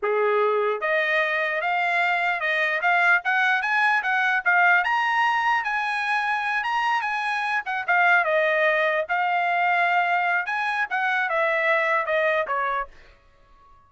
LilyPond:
\new Staff \with { instrumentName = "trumpet" } { \time 4/4 \tempo 4 = 149 gis'2 dis''2 | f''2 dis''4 f''4 | fis''4 gis''4 fis''4 f''4 | ais''2 gis''2~ |
gis''8 ais''4 gis''4. fis''8 f''8~ | f''8 dis''2 f''4.~ | f''2 gis''4 fis''4 | e''2 dis''4 cis''4 | }